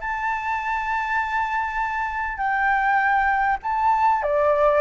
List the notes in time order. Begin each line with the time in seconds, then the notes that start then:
0.00 A5
2.37 G5
3.62 A5
4.22 D5